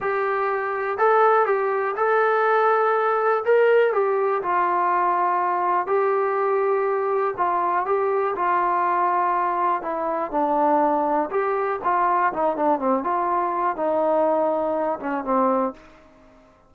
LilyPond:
\new Staff \with { instrumentName = "trombone" } { \time 4/4 \tempo 4 = 122 g'2 a'4 g'4 | a'2. ais'4 | g'4 f'2. | g'2. f'4 |
g'4 f'2. | e'4 d'2 g'4 | f'4 dis'8 d'8 c'8 f'4. | dis'2~ dis'8 cis'8 c'4 | }